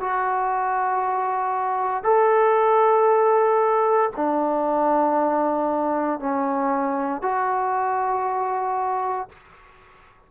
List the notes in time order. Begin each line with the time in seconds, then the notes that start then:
0.00 F#4
2.04 A4
4.16 D4
6.19 C#4
7.22 F#4